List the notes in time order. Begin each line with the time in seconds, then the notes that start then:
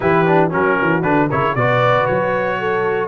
0.00 E3 E4 G4 B4
0.25 D4
0.50 F#3 C#4 F#4 A#4
0.80 E3
1.02 D3 D4 B4
1.29 C#3 E4 A#4 C#5
1.55 B2 F#4 B4 D5
2.06 F#3 C#5
2.59 A4